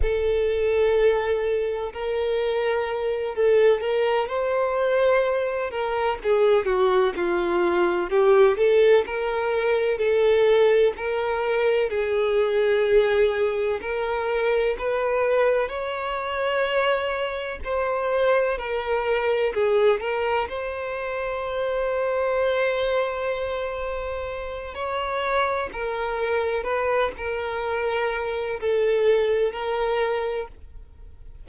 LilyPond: \new Staff \with { instrumentName = "violin" } { \time 4/4 \tempo 4 = 63 a'2 ais'4. a'8 | ais'8 c''4. ais'8 gis'8 fis'8 f'8~ | f'8 g'8 a'8 ais'4 a'4 ais'8~ | ais'8 gis'2 ais'4 b'8~ |
b'8 cis''2 c''4 ais'8~ | ais'8 gis'8 ais'8 c''2~ c''8~ | c''2 cis''4 ais'4 | b'8 ais'4. a'4 ais'4 | }